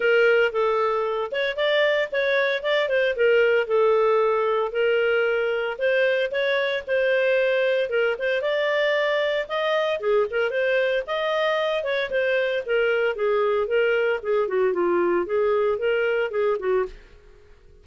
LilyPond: \new Staff \with { instrumentName = "clarinet" } { \time 4/4 \tempo 4 = 114 ais'4 a'4. cis''8 d''4 | cis''4 d''8 c''8 ais'4 a'4~ | a'4 ais'2 c''4 | cis''4 c''2 ais'8 c''8 |
d''2 dis''4 gis'8 ais'8 | c''4 dis''4. cis''8 c''4 | ais'4 gis'4 ais'4 gis'8 fis'8 | f'4 gis'4 ais'4 gis'8 fis'8 | }